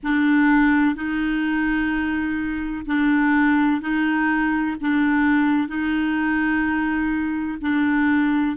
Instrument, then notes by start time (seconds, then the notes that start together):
clarinet
0.03 D4
0.95 D#4
2.86 D4
3.81 D#4
4.81 D4
5.68 D#4
7.61 D4